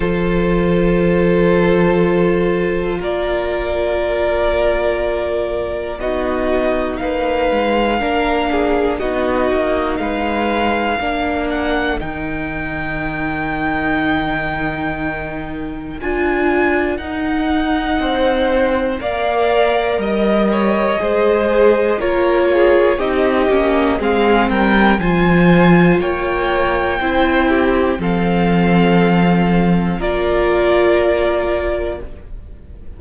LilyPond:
<<
  \new Staff \with { instrumentName = "violin" } { \time 4/4 \tempo 4 = 60 c''2. d''4~ | d''2 dis''4 f''4~ | f''4 dis''4 f''4. fis''8 | g''1 |
gis''4 fis''2 f''4 | dis''2 cis''4 dis''4 | f''8 g''8 gis''4 g''2 | f''2 d''2 | }
  \new Staff \with { instrumentName = "violin" } { \time 4/4 a'2. ais'4~ | ais'2 fis'4 b'4 | ais'8 gis'8 fis'4 b'4 ais'4~ | ais'1~ |
ais'2 c''4 d''4 | dis''8 cis''8 c''4 ais'8 gis'8 g'4 | gis'8 ais'8 c''4 cis''4 c''8 g'8 | a'2 ais'2 | }
  \new Staff \with { instrumentName = "viola" } { \time 4/4 f'1~ | f'2 dis'2 | d'4 dis'2 d'4 | dis'1 |
f'4 dis'2 ais'4~ | ais'4 gis'4 f'4 dis'8 cis'8 | c'4 f'2 e'4 | c'2 f'2 | }
  \new Staff \with { instrumentName = "cello" } { \time 4/4 f2. ais4~ | ais2 b4 ais8 gis8 | ais4 b8 ais8 gis4 ais4 | dis1 |
d'4 dis'4 c'4 ais4 | g4 gis4 ais4 c'8 ais8 | gis8 g8 f4 ais4 c'4 | f2 ais2 | }
>>